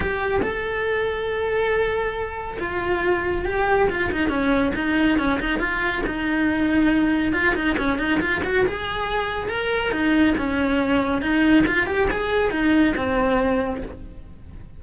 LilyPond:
\new Staff \with { instrumentName = "cello" } { \time 4/4 \tempo 4 = 139 g'4 a'2.~ | a'2 f'2 | g'4 f'8 dis'8 cis'4 dis'4 | cis'8 dis'8 f'4 dis'2~ |
dis'4 f'8 dis'8 cis'8 dis'8 f'8 fis'8 | gis'2 ais'4 dis'4 | cis'2 dis'4 f'8 g'8 | gis'4 dis'4 c'2 | }